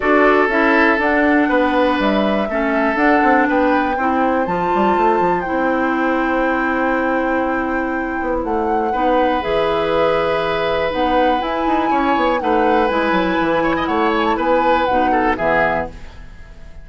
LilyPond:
<<
  \new Staff \with { instrumentName = "flute" } { \time 4/4 \tempo 4 = 121 d''4 e''4 fis''2 | e''2 fis''4 g''4~ | g''4 a''2 g''4~ | g''1~ |
g''4 fis''2 e''4~ | e''2 fis''4 gis''4~ | gis''4 fis''4 gis''2 | fis''8 gis''16 a''16 gis''4 fis''4 e''4 | }
  \new Staff \with { instrumentName = "oboe" } { \time 4/4 a'2. b'4~ | b'4 a'2 b'4 | c''1~ | c''1~ |
c''2 b'2~ | b'1 | cis''4 b'2~ b'8 cis''16 dis''16 | cis''4 b'4. a'8 gis'4 | }
  \new Staff \with { instrumentName = "clarinet" } { \time 4/4 fis'4 e'4 d'2~ | d'4 cis'4 d'2 | e'4 f'2 e'4~ | e'1~ |
e'2 dis'4 gis'4~ | gis'2 dis'4 e'4~ | e'4 dis'4 e'2~ | e'2 dis'4 b4 | }
  \new Staff \with { instrumentName = "bassoon" } { \time 4/4 d'4 cis'4 d'4 b4 | g4 a4 d'8 c'8 b4 | c'4 f8 g8 a8 f8 c'4~ | c'1~ |
c'8 b8 a4 b4 e4~ | e2 b4 e'8 dis'8 | cis'8 b8 a4 gis8 fis8 e4 | a4 b4 b,4 e4 | }
>>